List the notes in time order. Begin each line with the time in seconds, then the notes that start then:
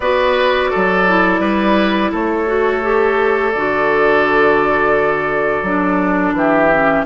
0.00 B3 F#4 B4 D5
0.70 F#3 A4
1.07 E4
1.39 G3 B4
2.11 A3 A4 C#5
2.46 F#4
2.82 G4
3.51 D3 F#4 D5
5.62 F#3 D4
6.32 E3 G4 E5
6.71 C#4